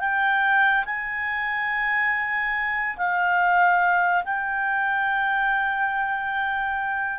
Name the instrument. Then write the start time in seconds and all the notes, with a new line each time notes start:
clarinet
0.00 G5
0.86 G#5
2.97 F5
4.25 G5